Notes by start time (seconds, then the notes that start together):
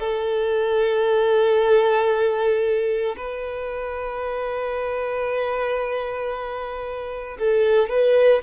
0.00 A4
3.17 B4
7.39 A4
7.89 B4